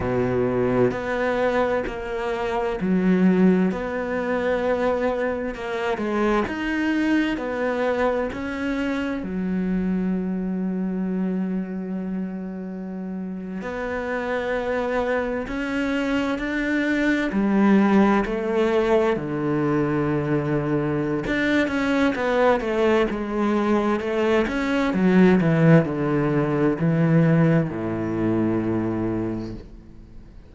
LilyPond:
\new Staff \with { instrumentName = "cello" } { \time 4/4 \tempo 4 = 65 b,4 b4 ais4 fis4 | b2 ais8 gis8 dis'4 | b4 cis'4 fis2~ | fis2~ fis8. b4~ b16~ |
b8. cis'4 d'4 g4 a16~ | a8. d2~ d16 d'8 cis'8 | b8 a8 gis4 a8 cis'8 fis8 e8 | d4 e4 a,2 | }